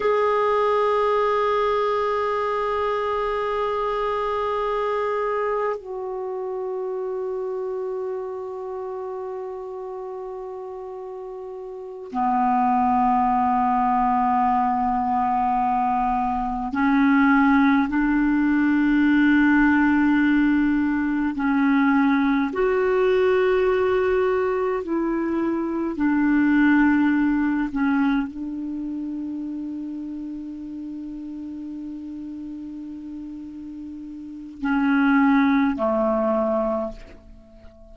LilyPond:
\new Staff \with { instrumentName = "clarinet" } { \time 4/4 \tempo 4 = 52 gis'1~ | gis'4 fis'2.~ | fis'2~ fis'8 b4.~ | b2~ b8 cis'4 d'8~ |
d'2~ d'8 cis'4 fis'8~ | fis'4. e'4 d'4. | cis'8 d'2.~ d'8~ | d'2 cis'4 a4 | }